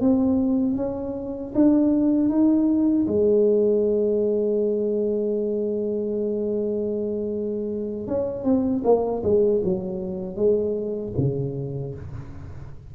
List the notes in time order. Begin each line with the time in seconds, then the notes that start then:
0.00 C4
0.76 C#4
1.55 D4
2.29 D#4
3.07 G#3
8.07 C#4
8.44 C4
8.84 A#3
9.23 G#3
9.64 F#3
10.36 G#3
11.17 C#3